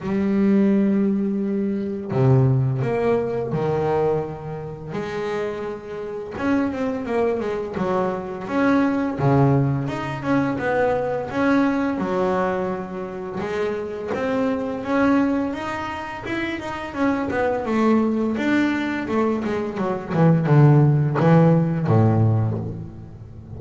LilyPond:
\new Staff \with { instrumentName = "double bass" } { \time 4/4 \tempo 4 = 85 g2. c4 | ais4 dis2 gis4~ | gis4 cis'8 c'8 ais8 gis8 fis4 | cis'4 cis4 dis'8 cis'8 b4 |
cis'4 fis2 gis4 | c'4 cis'4 dis'4 e'8 dis'8 | cis'8 b8 a4 d'4 a8 gis8 | fis8 e8 d4 e4 a,4 | }